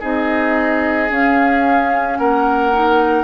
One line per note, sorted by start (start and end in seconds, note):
0.00 1.10 C4
0.00 1.10 D#4
0.00 2.18 G#4
0.00 1.11 D#5
1.10 2.73 C#4
1.10 2.19 C#4
1.10 2.17 F5
2.17 3.25 A#3
2.17 3.25 A#4
2.17 3.25 F#5
2.73 3.25 D#4